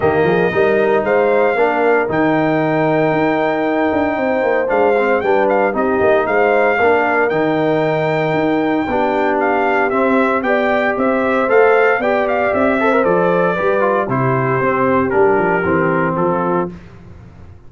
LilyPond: <<
  \new Staff \with { instrumentName = "trumpet" } { \time 4/4 \tempo 4 = 115 dis''2 f''2 | g''1~ | g''4 f''4 g''8 f''8 dis''4 | f''2 g''2~ |
g''2 f''4 e''4 | g''4 e''4 f''4 g''8 f''8 | e''4 d''2 c''4~ | c''4 ais'2 a'4 | }
  \new Staff \with { instrumentName = "horn" } { \time 4/4 g'8 gis'8 ais'4 c''4 ais'4~ | ais'1 | c''2 b'4 g'4 | c''4 ais'2.~ |
ais'4 g'2. | d''4 c''2 d''4~ | d''8 c''4. b'4 g'4~ | g'2. f'4 | }
  \new Staff \with { instrumentName = "trombone" } { \time 4/4 ais4 dis'2 d'4 | dis'1~ | dis'4 d'8 c'8 d'4 dis'4~ | dis'4 d'4 dis'2~ |
dis'4 d'2 c'4 | g'2 a'4 g'4~ | g'8 a'16 ais'16 a'4 g'8 f'8 e'4 | c'4 d'4 c'2 | }
  \new Staff \with { instrumentName = "tuba" } { \time 4/4 dis8 f8 g4 gis4 ais4 | dis2 dis'4. d'8 | c'8 ais8 gis4 g4 c'8 ais8 | gis4 ais4 dis2 |
dis'4 b2 c'4 | b4 c'4 a4 b4 | c'4 f4 g4 c4 | c'4 g8 f8 e4 f4 | }
>>